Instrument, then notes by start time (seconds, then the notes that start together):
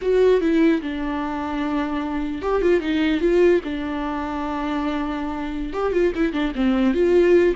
viola
0.01 F#4
0.40 E4
0.81 D4
2.42 G4
2.61 F4
2.80 D#4
3.20 F4
3.64 D4
5.73 G4
5.92 F4
6.15 E4
6.32 D4
6.55 C4
6.94 F4